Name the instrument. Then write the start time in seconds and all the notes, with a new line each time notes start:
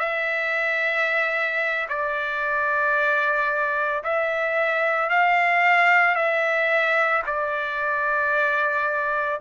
trumpet
0.00 E5
1.89 D5
4.04 E5
5.10 F5
6.16 E5
7.27 D5